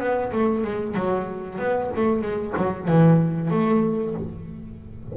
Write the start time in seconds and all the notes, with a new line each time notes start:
0.00 B3
0.33 A3
0.65 G#3
0.95 F#3
1.59 B3
1.96 A3
2.22 G#3
2.57 F#3
2.88 E3
3.51 A3